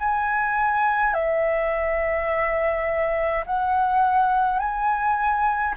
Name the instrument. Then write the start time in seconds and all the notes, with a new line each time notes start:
flute
0.00 G#5
1.14 E5
3.46 F#5
4.60 G#5